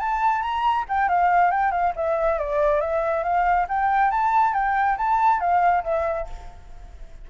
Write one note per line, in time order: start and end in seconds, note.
0.00 0.42 A5
0.42 0.85 A#5
0.89 1.09 G5
1.09 1.51 F5
1.51 1.71 G5
1.71 1.93 F5
1.96 2.39 E5
2.39 2.81 D5
2.81 3.24 E5
3.24 3.67 F5
3.69 4.11 G5
4.11 4.54 A5
4.54 4.97 G5
4.98 5.41 A5
5.41 5.84 F5
5.84 6.27 E5